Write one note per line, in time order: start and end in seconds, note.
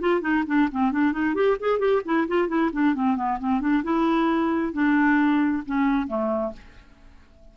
0.00 0.21 F4
0.21 0.43 D#4
0.46 0.69 D4
0.71 0.92 C4
0.92 1.12 D4
1.12 1.34 D#4
1.34 1.57 G4
1.60 1.79 G#4
1.79 2.01 G4
2.05 2.27 E4
2.27 2.48 F4
2.48 2.70 E4
2.72 2.94 D4
2.94 3.16 C4
3.16 3.38 B3
3.39 3.60 C4
3.60 3.83 D4
3.83 4.73 E4
4.73 5.63 D4
5.66 6.07 C#4
6.07 6.52 A3